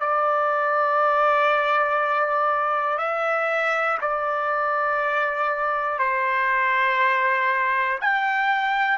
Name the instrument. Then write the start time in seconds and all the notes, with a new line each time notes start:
trumpet
0.00 D5
2.98 E5
4.01 D5
5.99 C5
8.00 G5